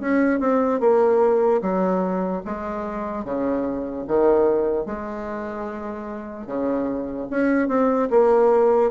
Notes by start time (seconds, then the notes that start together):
0.00 C#4
0.40 C4
0.80 A#3
1.62 F#3
2.45 G#3
3.24 C#3
4.07 D#3
4.86 G#3
6.46 C#3
7.30 C#4
7.68 C4
8.10 A#3